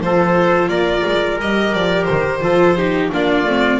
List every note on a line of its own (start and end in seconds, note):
0.00 0.68 F3
0.00 1.40 F4
0.00 0.69 A4
0.00 0.69 C5
0.68 1.03 A#3
0.68 2.41 A#4
0.68 1.38 D5
1.06 1.40 G#3
1.40 1.73 G3
1.40 2.41 G4
1.40 1.74 D#5
1.73 2.08 F3
1.73 2.04 D5
2.04 3.07 C5
2.10 2.41 D#3
2.41 3.09 F3
2.41 2.75 F4
2.41 2.77 A4
2.77 3.11 D#4
2.77 3.11 G4
3.11 3.45 A#3
3.11 3.46 D4
3.11 3.79 F4
3.11 3.79 D5
3.45 3.79 A3
3.45 3.79 C4